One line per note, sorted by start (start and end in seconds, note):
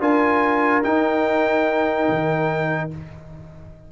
0.00 0.83 D4
0.00 0.84 F4
0.00 2.91 A#4
0.00 0.84 G#5
0.84 2.08 D#4
0.84 2.91 D#4
0.84 2.91 G5
2.09 2.92 D#3